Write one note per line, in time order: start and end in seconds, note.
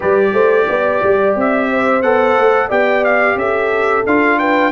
0.00 0.32 G3
0.00 2.02 G4
0.00 0.30 B4
0.00 1.36 D5
0.32 0.66 A3
0.32 0.67 C5
0.68 1.02 B3
0.68 1.70 D5
1.02 1.35 G3
1.35 2.02 C4
1.35 2.02 E5
1.70 2.68 C5
2.02 2.36 B3
2.02 2.69 A4
2.02 2.69 F#5
2.36 2.70 A3
2.68 3.35 B3
2.68 4.04 G4
2.68 3.36 D5
2.68 3.04 G5
3.04 3.38 F5
3.35 4.03 C#4
3.35 4.39 A4
3.35 4.05 E5
4.06 4.72 D4
4.06 4.72 F4
4.06 4.38 F5
4.38 4.72 B4
4.38 4.72 G5